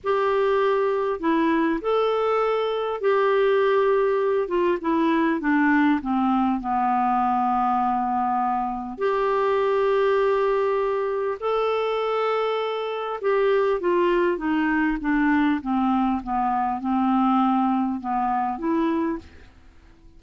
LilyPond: \new Staff \with { instrumentName = "clarinet" } { \time 4/4 \tempo 4 = 100 g'2 e'4 a'4~ | a'4 g'2~ g'8 f'8 | e'4 d'4 c'4 b4~ | b2. g'4~ |
g'2. a'4~ | a'2 g'4 f'4 | dis'4 d'4 c'4 b4 | c'2 b4 e'4 | }